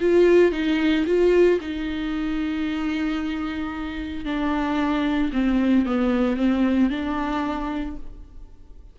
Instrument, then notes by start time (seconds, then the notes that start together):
viola
0.00 F4
0.52 D#4
1.06 F4
1.61 D#4
4.25 D4
5.33 C4
5.86 B3
6.36 C4
6.90 D4